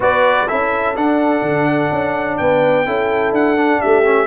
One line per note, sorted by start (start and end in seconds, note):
0.00 0.46 B3
0.00 0.47 F#4
0.00 0.47 B4
0.00 0.48 D5
0.47 0.96 C#4
0.47 0.95 E4
0.47 2.37 A4
0.47 0.96 E5
0.96 2.86 D4
0.96 1.41 D4
0.96 2.37 F#5
1.41 1.89 D3
1.91 2.39 C#4
2.37 2.87 B3
2.37 2.86 B4
2.37 3.33 G5
2.86 3.31 C#4
2.86 3.57 E4
2.86 3.80 A4
3.31 3.79 D4
3.31 3.80 F#5
3.57 4.04 D4
3.80 4.26 A3
3.80 4.26 G4
3.80 4.26 E5
4.04 4.26 C#4